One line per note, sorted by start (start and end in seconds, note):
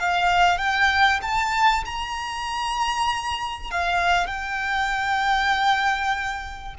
0.00 0.58 F5
0.58 1.20 G5
1.22 1.84 A5
1.86 3.71 A#5
3.71 4.27 F5
4.27 6.75 G5